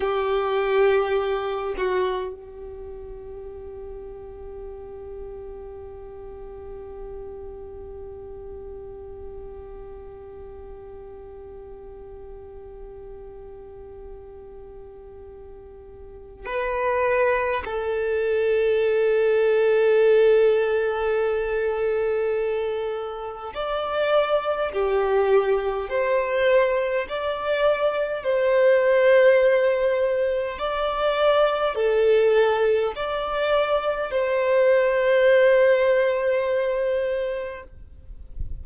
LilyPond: \new Staff \with { instrumentName = "violin" } { \time 4/4 \tempo 4 = 51 g'4. fis'8 g'2~ | g'1~ | g'1~ | g'2 b'4 a'4~ |
a'1 | d''4 g'4 c''4 d''4 | c''2 d''4 a'4 | d''4 c''2. | }